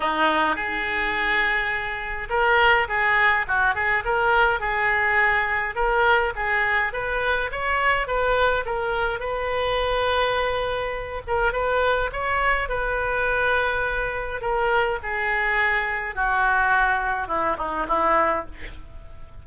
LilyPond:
\new Staff \with { instrumentName = "oboe" } { \time 4/4 \tempo 4 = 104 dis'4 gis'2. | ais'4 gis'4 fis'8 gis'8 ais'4 | gis'2 ais'4 gis'4 | b'4 cis''4 b'4 ais'4 |
b'2.~ b'8 ais'8 | b'4 cis''4 b'2~ | b'4 ais'4 gis'2 | fis'2 e'8 dis'8 e'4 | }